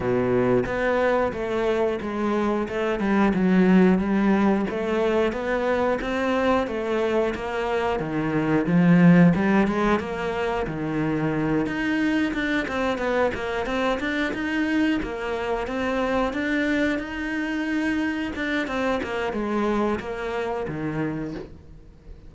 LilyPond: \new Staff \with { instrumentName = "cello" } { \time 4/4 \tempo 4 = 90 b,4 b4 a4 gis4 | a8 g8 fis4 g4 a4 | b4 c'4 a4 ais4 | dis4 f4 g8 gis8 ais4 |
dis4. dis'4 d'8 c'8 b8 | ais8 c'8 d'8 dis'4 ais4 c'8~ | c'8 d'4 dis'2 d'8 | c'8 ais8 gis4 ais4 dis4 | }